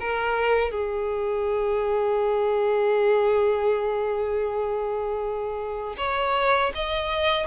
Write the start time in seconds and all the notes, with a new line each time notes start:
0.00 A#4
0.71 G#4
5.97 C#5
6.75 D#5